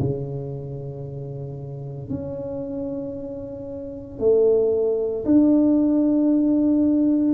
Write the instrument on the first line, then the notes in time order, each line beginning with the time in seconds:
tuba
0.00 C#3
2.10 C#4
4.20 A3
5.25 D4